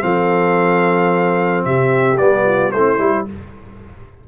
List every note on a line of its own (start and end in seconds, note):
0.00 1.65 F3
0.00 2.16 C4
0.00 1.66 A4
0.00 1.64 F5
1.65 2.19 C3
1.65 2.45 G4
1.65 2.17 E5
2.17 2.73 G3
2.17 2.73 B3
2.17 2.71 D5
2.45 2.72 F4
2.71 2.99 A3
2.71 2.98 C4
2.71 3.28 E4
2.71 3.25 C5
2.98 3.26 G3
2.98 3.25 E4